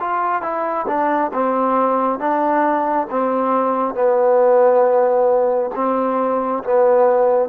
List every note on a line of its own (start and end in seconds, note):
0.00 0.42 F4
0.42 0.86 E4
0.87 1.31 D4
1.33 2.19 C4
2.19 3.07 D4
3.10 3.94 C4
3.94 5.70 B3
5.75 6.63 C4
6.63 7.49 B3